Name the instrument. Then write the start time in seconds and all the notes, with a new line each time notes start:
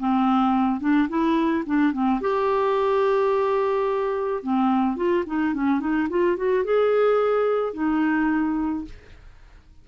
clarinet
0.00 C4
0.81 D4
1.09 E4
1.66 D4
1.93 C4
2.21 G4
4.43 C4
4.96 F4
5.27 D#4
5.54 C#4
5.80 D#4
6.10 F4
6.37 F#4
6.65 G#4
7.74 D#4